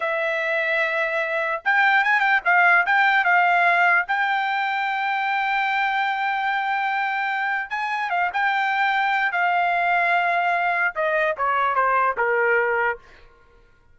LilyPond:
\new Staff \with { instrumentName = "trumpet" } { \time 4/4 \tempo 4 = 148 e''1 | g''4 gis''8 g''8 f''4 g''4 | f''2 g''2~ | g''1~ |
g''2. gis''4 | f''8 g''2~ g''8 f''4~ | f''2. dis''4 | cis''4 c''4 ais'2 | }